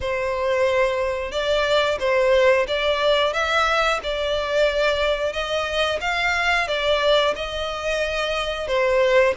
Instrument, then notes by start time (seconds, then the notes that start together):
violin
0.00 C5
1.31 D5
1.99 C5
2.67 D5
3.33 E5
4.03 D5
5.32 D#5
6.01 F5
6.67 D5
7.35 D#5
8.67 C5